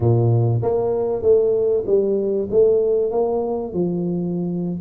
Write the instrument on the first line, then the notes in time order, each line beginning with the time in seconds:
tuba
0.00 A#2
0.62 A#3
1.22 A3
1.86 G3
2.50 A3
3.11 A#3
3.73 F3